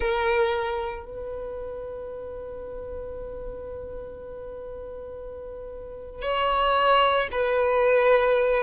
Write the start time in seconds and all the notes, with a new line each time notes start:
0.00 A#4
1.05 B4
6.22 C#5
7.31 B4